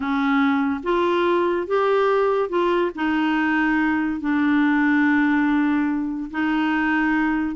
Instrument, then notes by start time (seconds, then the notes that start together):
clarinet
0.00 C#4
0.83 F4
1.67 G4
2.49 F4
2.95 D#4
4.20 D4
6.30 D#4